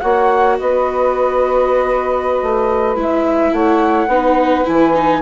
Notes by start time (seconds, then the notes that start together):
0.00 A#3 F#4 C#5 F#5
0.59 B3 B4 D#5
2.42 A3
2.95 G#3 E4 E5
3.52 A3 C#5 F#5
4.07 B3 D#4 B4
4.64 E3 E4 G#5
4.94 D#4